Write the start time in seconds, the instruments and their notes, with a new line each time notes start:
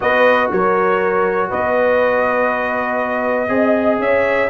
0.00 tuba B3, trombone F#4, horn B4, trumpet D#5
0.51 tuba F#3, horn A#4, trumpet C#5
1.49 tuba B3, horn B4, trumpet D#5
3.48 tuba C4, trombone G#4, horn D#5
3.98 tuba C#4, horn C#5, trumpet E5